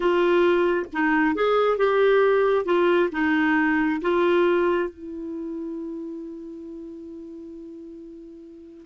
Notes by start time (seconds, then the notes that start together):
0.00 F4
0.92 D#4
1.35 G#4
1.77 G4
2.65 F4
3.12 D#4
4.01 F4
4.89 E4